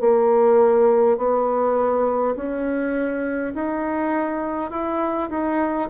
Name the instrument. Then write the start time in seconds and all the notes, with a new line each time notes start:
bassoon
0.00 A#3
1.17 B3
2.35 C#4
3.54 D#4
4.71 E4
5.29 D#4